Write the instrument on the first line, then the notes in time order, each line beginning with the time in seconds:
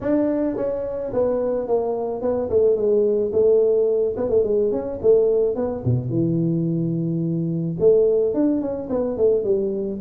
tuba
0.00 D4
0.56 C#4
1.13 B3
1.67 A#3
2.21 B3
2.49 A3
2.76 G#3
3.32 A3
4.16 B3
4.29 A3
4.43 G#3
4.71 C#4
5.02 A3
5.55 B3
5.85 B2
6.09 E3
7.79 A3
8.34 D4
8.61 C#4
8.89 B3
9.17 A3
9.44 G3